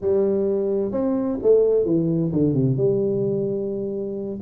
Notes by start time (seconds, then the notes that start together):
0.01 G3
0.91 C4
1.42 A3
1.85 E3
2.32 D3
2.53 C3
2.77 G3